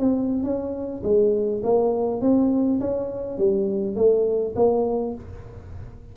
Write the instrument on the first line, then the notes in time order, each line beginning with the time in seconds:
tuba
0.00 C4
0.44 C#4
1.03 G#3
1.64 A#3
2.21 C4
2.81 C#4
3.38 G3
3.96 A3
4.56 A#3